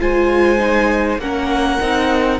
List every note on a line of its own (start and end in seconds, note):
0.00 1.18 G#3
0.00 0.58 F4
0.00 1.21 C5
0.00 1.20 G#5
0.58 1.18 D#4
1.18 1.78 A#3
1.18 1.81 C#4
1.18 2.39 A#4
1.18 2.39 F#5
1.81 2.39 C4
1.81 2.39 D#4